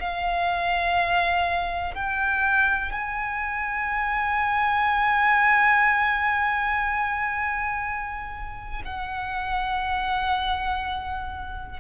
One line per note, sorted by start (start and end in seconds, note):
0.00 1.95 F5
1.95 2.92 G5
2.92 8.83 G#5
8.85 11.80 F#5